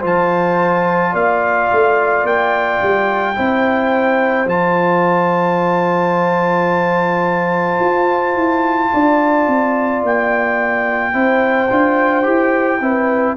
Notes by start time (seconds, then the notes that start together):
0.00 F3 F4 C5
0.06 A5
1.12 A#3 D5 F5
1.72 A3
2.24 A#3 G5
2.82 G3
3.36 C4 E4 C5
4.46 F3 F4 A5
7.80 F4
8.36 E4
8.93 D4 D5
9.48 C4
10.03 A#3 G5
11.14 C4 E4 C5
11.70 D4 F4
12.24 E4 G4
12.81 C4 E4 B4